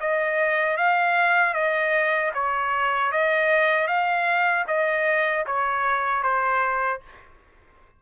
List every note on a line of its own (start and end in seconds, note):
0.00 0.77 D#5
0.77 1.53 F5
1.53 2.31 D#5
2.34 3.12 C#5
3.12 3.87 D#5
3.87 4.65 F5
4.67 5.45 D#5
5.46 6.23 C#5
6.23 7.01 C5